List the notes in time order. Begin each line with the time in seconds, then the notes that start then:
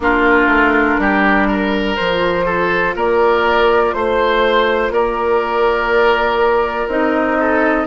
0.00 A#3 D4 F4 A#4
0.47 A3
0.98 G3 G4
1.47 A#4
1.96 F3 F4 C5
2.45 A4
2.95 A#3 A#4 D5
3.93 A3 C5
4.90 A#3 A#4 D5
6.87 C4 D#4 D#5
7.40 A4